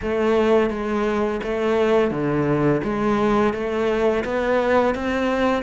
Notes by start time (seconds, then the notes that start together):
0.02 A3
0.70 G#3
1.43 A3
2.10 D3
2.83 G#3
3.53 A3
4.24 B3
4.94 C4